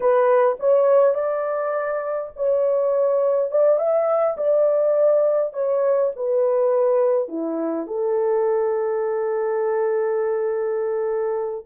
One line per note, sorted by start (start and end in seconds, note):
0.00 0.56 B4
0.59 1.14 C#5
1.14 2.30 D5
2.35 3.51 C#5
3.51 3.78 D5
3.78 4.36 E5
4.37 5.53 D5
5.53 6.11 C#5
6.16 7.28 B4
7.28 7.86 E4
7.86 11.65 A4